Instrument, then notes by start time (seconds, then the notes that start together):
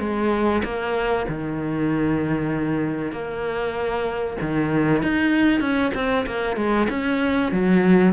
cello
0.00 G#3
0.64 A#3
1.28 D#3
3.12 A#3
4.41 D#3
5.03 D#4
5.61 C#4
5.95 C4
6.26 A#3
6.57 G#3
6.90 C#4
7.52 F#3